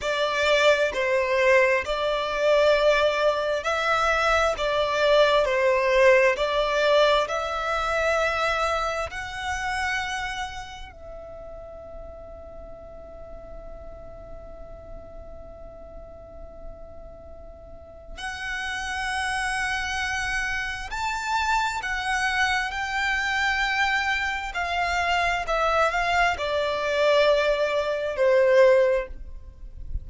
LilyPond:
\new Staff \with { instrumentName = "violin" } { \time 4/4 \tempo 4 = 66 d''4 c''4 d''2 | e''4 d''4 c''4 d''4 | e''2 fis''2 | e''1~ |
e''1 | fis''2. a''4 | fis''4 g''2 f''4 | e''8 f''8 d''2 c''4 | }